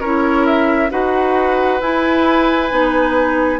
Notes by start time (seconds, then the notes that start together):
0.00 C#4 E4 A#4 C#5
0.45 E5
0.90 D#4 F#4 B4 F#5
1.81 E4 G#5
2.70 B3 D#4